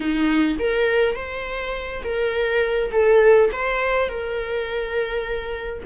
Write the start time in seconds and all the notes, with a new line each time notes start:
0.00 D#4
0.59 A#4
1.15 C5
2.04 A#4
2.92 A4
3.52 C5
4.08 A#4